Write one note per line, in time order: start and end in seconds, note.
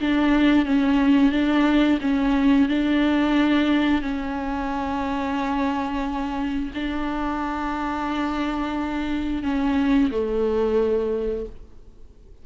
0.00 0.65 D4
0.65 1.31 C#4
1.31 1.99 D4
2.01 2.68 C#4
2.68 4.01 D4
4.01 6.71 C#4
6.74 9.43 D4
9.43 10.10 C#4
10.11 11.46 A3